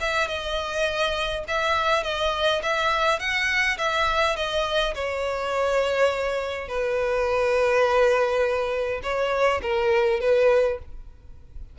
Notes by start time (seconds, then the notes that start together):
0.00 E5
0.28 D#5
1.48 E5
2.04 D#5
2.63 E5
3.19 F#5
3.78 E5
4.36 D#5
4.94 C#5
6.68 B4
9.03 C#5
9.62 A#4
10.20 B4